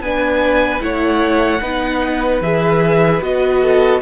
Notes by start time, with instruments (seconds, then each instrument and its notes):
0.00 cello B3, viola D4, violin B4 G#5
0.81 cello A3, viola E4, violin C#5 F#5
1.61 cello B3, viola D#4, violin B4
2.41 cello E3, viola G#4, violin E5
3.21 cello B3, viola F#4, violin D#5
3.62 violin A4